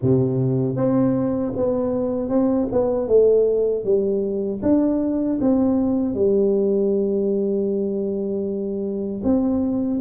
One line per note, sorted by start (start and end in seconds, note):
0.02 0.76 C3
0.76 1.52 C4
1.56 2.29 B3
2.29 2.67 C4
2.71 3.07 B3
3.07 3.84 A3
3.84 4.61 G3
4.62 5.39 D4
5.41 6.14 C4
6.14 9.22 G3
9.23 10.00 C4